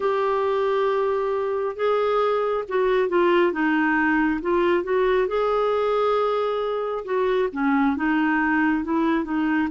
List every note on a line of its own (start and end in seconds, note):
0.00 1.76 G4
1.76 2.64 G#4
2.68 3.08 F#4
3.08 3.52 F4
3.52 4.40 D#4
4.41 4.83 F4
4.83 5.27 F#4
5.27 7.04 G#4
7.04 7.48 F#4
7.52 7.96 C#4
7.96 8.84 D#4
8.84 9.24 E4
9.24 9.68 D#4